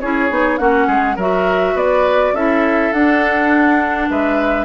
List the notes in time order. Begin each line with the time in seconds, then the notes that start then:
0.00 C#4 E4 G#4 C#5
0.30 B3 D#4
0.58 A#3 C#4 F#4 F#5
0.87 G#3 G#4
1.16 F#3 F#4 A#4 E5
1.74 B3 B4 D5
2.33 C#4 E4 A4 E5
2.92 D4 F#5
4.09 G#3 B4 E5